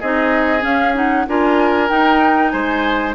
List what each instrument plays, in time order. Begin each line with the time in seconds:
0.00 bassoon C4, clarinet D#4, oboe G#4, flute D#5
0.61 clarinet C#4, bassoon C#4, flute F5
0.94 clarinet D#4, flute F#5
1.27 bassoon D4, clarinet F4, oboe A#4, flute G#5
1.89 clarinet D#4, bassoon D#4, flute G5
2.50 bassoon G#3, oboe C5, flute G#5